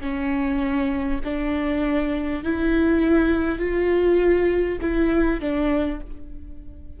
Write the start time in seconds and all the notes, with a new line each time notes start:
0.00 C#4
1.24 D4
2.43 E4
3.58 F4
4.81 E4
5.40 D4